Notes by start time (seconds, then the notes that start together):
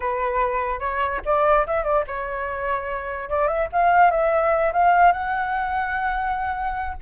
0.00 B4
0.79 C#5
1.25 D5
1.66 E5
1.83 D5
2.07 C#5
3.29 D5
3.47 E5
3.72 F5
4.11 E5
4.72 F5
5.12 F#5